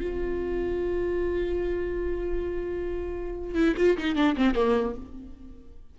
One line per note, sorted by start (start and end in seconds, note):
0.00 3.54 F4
3.54 3.74 E4
3.77 3.97 F4
3.97 4.15 D#4
4.15 4.36 D4
4.36 4.55 C4
4.55 4.95 A#3